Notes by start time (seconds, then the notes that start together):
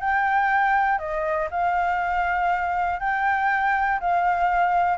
0.00 G5
0.98 D#5
1.50 F5
3.00 G5
4.00 F5